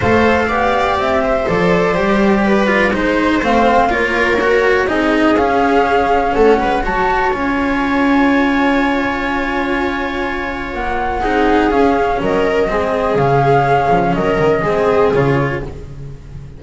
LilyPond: <<
  \new Staff \with { instrumentName = "flute" } { \time 4/4 \tempo 4 = 123 f''2 e''4 d''4~ | d''2 c''4 f''4 | cis''2 dis''4 f''4~ | f''4 fis''4 a''4 gis''4~ |
gis''1~ | gis''2 fis''2 | f''4 dis''2 f''4~ | f''4 dis''2 cis''4 | }
  \new Staff \with { instrumentName = "viola" } { \time 4/4 c''4 d''4. c''4.~ | c''4 b'4 c''2 | ais'2 gis'2~ | gis'4 a'8 b'8 cis''2~ |
cis''1~ | cis''2. gis'4~ | gis'4 ais'4 gis'2~ | gis'4 ais'4 gis'2 | }
  \new Staff \with { instrumentName = "cello" } { \time 4/4 a'4 g'2 a'4 | g'4. f'8 dis'4 c'4 | f'4 fis'4 dis'4 cis'4~ | cis'2 fis'4 f'4~ |
f'1~ | f'2. dis'4 | cis'2 c'4 cis'4~ | cis'2 c'4 f'4 | }
  \new Staff \with { instrumentName = "double bass" } { \time 4/4 a4 b4 c'4 f4 | g2 gis4 a4 | ais2 c'4 cis'4~ | cis'4 a8 gis8 fis4 cis'4~ |
cis'1~ | cis'2 ais4 c'4 | cis'4 fis4 gis4 cis4~ | cis8 f8 fis8 dis8 gis4 cis4 | }
>>